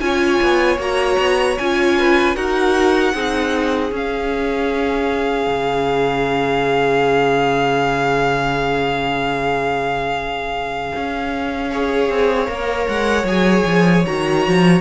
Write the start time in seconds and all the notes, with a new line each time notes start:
0.00 C#4 F4 C#5 G#5
0.42 B3
0.77 A#3 F#4 A#5
1.19 B3
1.58 C#4 F4 G#5
1.99 B4
2.35 D#4 F#4 A#4 F#5
3.14 C4 D#4 G#4
3.90 C#4 F5
5.47 C#3
10.96 C#4
11.71 G#4 C#5
12.09 C4
12.46 A#3 A#4
12.87 G#3 F#5
13.24 F#3 G#4 G#5
13.66 F3
14.06 D#3 F#4 A#5
14.47 F3